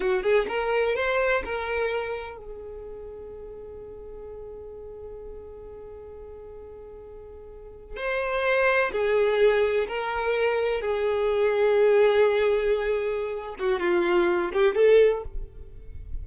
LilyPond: \new Staff \with { instrumentName = "violin" } { \time 4/4 \tempo 4 = 126 fis'8 gis'8 ais'4 c''4 ais'4~ | ais'4 gis'2.~ | gis'1~ | gis'1~ |
gis'8. c''2 gis'4~ gis'16~ | gis'8. ais'2 gis'4~ gis'16~ | gis'1~ | gis'8 fis'8 f'4. g'8 a'4 | }